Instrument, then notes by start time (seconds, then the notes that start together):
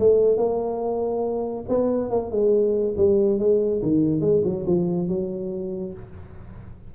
tuba
0.00 A3
0.38 A#3
1.69 B3
2.11 A#3
2.32 G#3
2.97 G3
3.39 G#3
3.83 D#3
4.21 G#3
4.45 F#3
4.67 F3
5.09 F#3